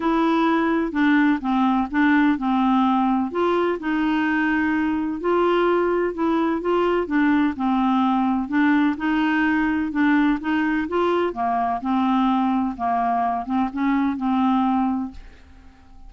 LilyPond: \new Staff \with { instrumentName = "clarinet" } { \time 4/4 \tempo 4 = 127 e'2 d'4 c'4 | d'4 c'2 f'4 | dis'2. f'4~ | f'4 e'4 f'4 d'4 |
c'2 d'4 dis'4~ | dis'4 d'4 dis'4 f'4 | ais4 c'2 ais4~ | ais8 c'8 cis'4 c'2 | }